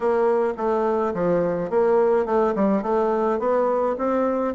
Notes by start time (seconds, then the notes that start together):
0.00 A#3
0.57 A3
1.13 F3
1.70 A#3
2.25 A3
2.55 G3
2.82 A3
3.39 B3
3.98 C4